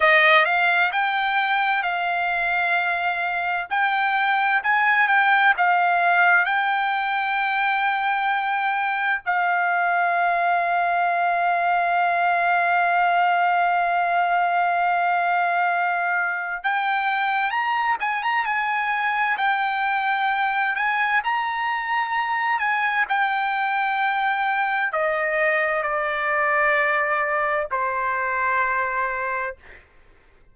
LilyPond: \new Staff \with { instrumentName = "trumpet" } { \time 4/4 \tempo 4 = 65 dis''8 f''8 g''4 f''2 | g''4 gis''8 g''8 f''4 g''4~ | g''2 f''2~ | f''1~ |
f''2 g''4 ais''8 gis''16 ais''16 | gis''4 g''4. gis''8 ais''4~ | ais''8 gis''8 g''2 dis''4 | d''2 c''2 | }